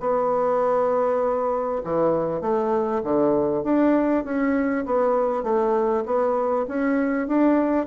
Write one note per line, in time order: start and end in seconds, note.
0.00 1.82 B3
1.84 2.41 E3
2.41 3.02 A3
3.04 3.64 D3
3.64 4.24 D4
4.25 4.85 C#4
4.86 5.44 B3
5.44 6.04 A3
6.06 6.66 B3
6.68 7.28 C#4
7.28 7.87 D4